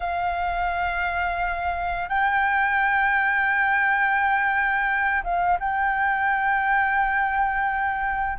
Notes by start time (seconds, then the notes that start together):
0.00 F5
2.08 G5
5.23 F5
5.59 G5